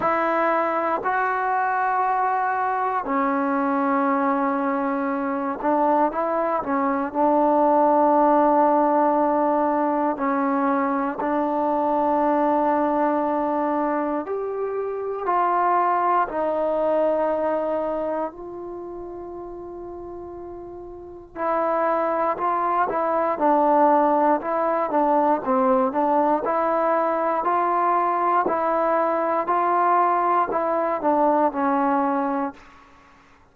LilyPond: \new Staff \with { instrumentName = "trombone" } { \time 4/4 \tempo 4 = 59 e'4 fis'2 cis'4~ | cis'4. d'8 e'8 cis'8 d'4~ | d'2 cis'4 d'4~ | d'2 g'4 f'4 |
dis'2 f'2~ | f'4 e'4 f'8 e'8 d'4 | e'8 d'8 c'8 d'8 e'4 f'4 | e'4 f'4 e'8 d'8 cis'4 | }